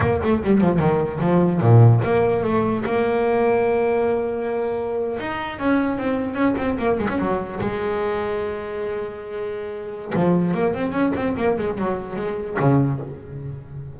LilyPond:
\new Staff \with { instrumentName = "double bass" } { \time 4/4 \tempo 4 = 148 ais8 a8 g8 f8 dis4 f4 | ais,4 ais4 a4 ais4~ | ais1~ | ais8. dis'4 cis'4 c'4 cis'16~ |
cis'16 c'8 ais8 gis16 cis'16 fis4 gis4~ gis16~ | gis1~ | gis4 f4 ais8 c'8 cis'8 c'8 | ais8 gis8 fis4 gis4 cis4 | }